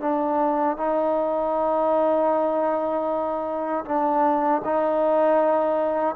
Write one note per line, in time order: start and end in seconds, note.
0.00 0.77 D4
0.77 3.84 D#4
3.85 4.62 D4
4.64 6.15 D#4